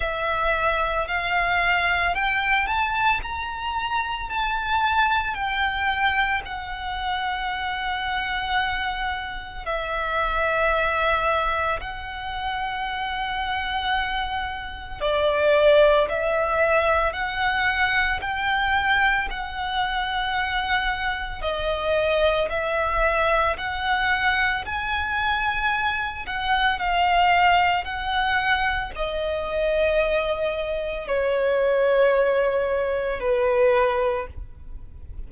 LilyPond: \new Staff \with { instrumentName = "violin" } { \time 4/4 \tempo 4 = 56 e''4 f''4 g''8 a''8 ais''4 | a''4 g''4 fis''2~ | fis''4 e''2 fis''4~ | fis''2 d''4 e''4 |
fis''4 g''4 fis''2 | dis''4 e''4 fis''4 gis''4~ | gis''8 fis''8 f''4 fis''4 dis''4~ | dis''4 cis''2 b'4 | }